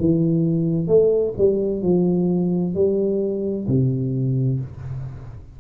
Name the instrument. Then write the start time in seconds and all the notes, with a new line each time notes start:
tuba
0.00 E3
0.88 A3
1.38 G3
1.83 F3
2.75 G3
3.68 C3